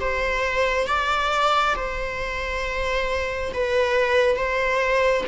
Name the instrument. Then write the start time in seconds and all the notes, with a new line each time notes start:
viola
0.00 C5
0.87 D5
1.75 C5
3.53 B4
4.36 C5